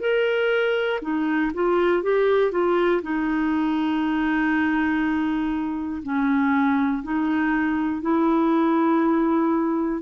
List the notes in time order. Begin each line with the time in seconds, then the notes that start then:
0.00 A#4
1.01 D#4
1.54 F4
2.02 G4
2.51 F4
3.02 D#4
6.02 C#4
7.03 D#4
8.01 E4